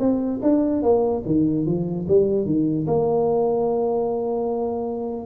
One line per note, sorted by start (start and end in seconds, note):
0.00 0.41 C4
0.42 0.83 D4
0.83 1.23 A#3
1.26 1.66 D#3
1.66 2.07 F3
2.08 2.46 G3
2.46 2.86 D#3
2.87 5.26 A#3